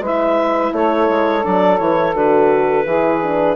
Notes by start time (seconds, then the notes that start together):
0.00 G#3 E4 B4 E5
0.72 A3 A4 C#5
1.09 G#3
1.42 F#3 D4 D5
1.78 E3 E4 C#5
2.14 D3 F#4 B4
2.85 E3 E4 G#4
3.23 D4